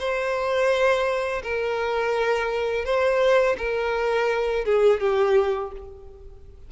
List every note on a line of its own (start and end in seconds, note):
0.00 1.43 C5
1.44 2.85 A#4
2.85 3.57 C5
3.58 4.65 A#4
4.66 5.01 G#4
5.01 5.72 G4